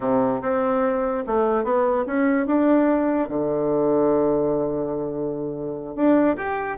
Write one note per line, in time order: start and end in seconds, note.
0.00 0.41 C3
0.41 1.23 C4
1.26 1.63 A3
1.63 2.05 B3
2.06 2.46 C#4
2.46 3.28 D4
3.28 5.95 D3
5.95 6.36 D4
6.36 6.78 G4